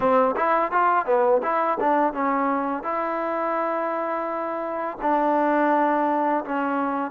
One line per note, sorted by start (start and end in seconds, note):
0.00 0.35 C4
0.36 0.71 E4
0.71 1.05 F4
1.05 1.41 B3
1.42 1.78 E4
1.80 2.13 D4
2.13 2.83 C#4
2.83 4.97 E4
5.01 6.44 D4
6.44 7.11 C#4